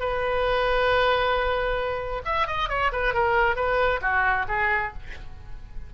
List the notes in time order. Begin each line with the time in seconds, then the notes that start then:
0.00 B4
2.25 E5
2.47 D#5
2.69 C#5
2.93 B4
3.14 A#4
3.56 B4
4.01 F#4
4.48 G#4